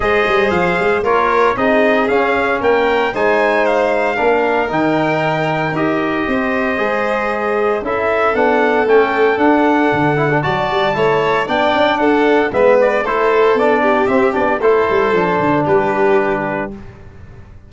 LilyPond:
<<
  \new Staff \with { instrumentName = "trumpet" } { \time 4/4 \tempo 4 = 115 dis''4 f''4 cis''4 dis''4 | f''4 g''4 gis''4 f''4~ | f''4 g''2 dis''4~ | dis''2. e''4 |
fis''4 g''4 fis''2 | a''2 g''4 fis''4 | e''8 d''8 c''4 d''4 e''8 d''8 | c''2 b'2 | }
  \new Staff \with { instrumentName = "violin" } { \time 4/4 c''2 ais'4 gis'4~ | gis'4 ais'4 c''2 | ais'1 | c''2. a'4~ |
a'1 | d''4 cis''4 d''4 a'4 | b'4 a'4. g'4. | a'2 g'2 | }
  \new Staff \with { instrumentName = "trombone" } { \time 4/4 gis'2 f'4 dis'4 | cis'2 dis'2 | d'4 dis'2 g'4~ | g'4 gis'2 e'4 |
d'4 cis'4 d'4. e'16 d'16 | fis'4 e'4 d'2 | b4 e'4 d'4 c'8 d'8 | e'4 d'2. | }
  \new Staff \with { instrumentName = "tuba" } { \time 4/4 gis8 g8 f8 gis8 ais4 c'4 | cis'4 ais4 gis2 | ais4 dis2 dis'4 | c'4 gis2 cis'4 |
b4 a4 d'4 d4 | fis8 g8 a4 b8 cis'8 d'4 | gis4 a4 b4 c'8 b8 | a8 g8 f8 d8 g2 | }
>>